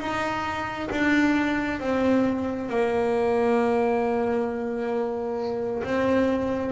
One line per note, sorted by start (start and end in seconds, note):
0.00 0.90 D#4
0.91 1.80 D4
1.80 2.69 C4
2.69 5.83 A#3
5.84 6.72 C4